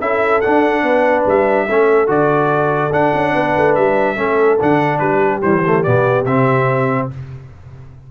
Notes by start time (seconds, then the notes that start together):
0.00 C#4 E4 A4 E5
0.40 D4 F#5
0.82 B3 B4
1.26 G3 E5
1.66 A3 C#4 A4
2.07 D3 F#4 D5
2.92 D4 F#5
3.14 C#4
3.32 B3 B4
3.56 A3
3.75 G3 E5
4.16 A3 C#4 A4
4.60 D3 D4 F#5
4.99 G3 G4 B4
5.42 E3 G3 C5
5.66 A3
5.83 B2 B3 D5
6.25 C3 C4 E5